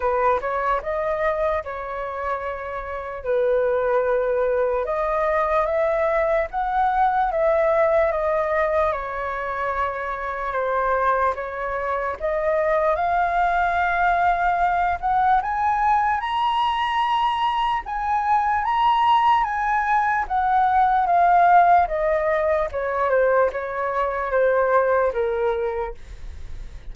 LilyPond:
\new Staff \with { instrumentName = "flute" } { \time 4/4 \tempo 4 = 74 b'8 cis''8 dis''4 cis''2 | b'2 dis''4 e''4 | fis''4 e''4 dis''4 cis''4~ | cis''4 c''4 cis''4 dis''4 |
f''2~ f''8 fis''8 gis''4 | ais''2 gis''4 ais''4 | gis''4 fis''4 f''4 dis''4 | cis''8 c''8 cis''4 c''4 ais'4 | }